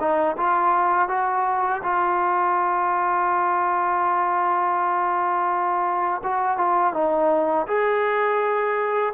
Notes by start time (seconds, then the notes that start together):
0.00 D#4
0.38 F4
1.09 F#4
1.83 F4
6.24 F#4
6.58 F4
6.94 D#4
7.68 G#4